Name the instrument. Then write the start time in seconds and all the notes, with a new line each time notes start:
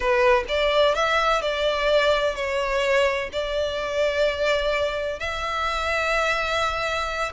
violin
0.00 B4
0.48 D5
0.94 E5
1.41 D5
2.35 C#5
3.32 D5
5.19 E5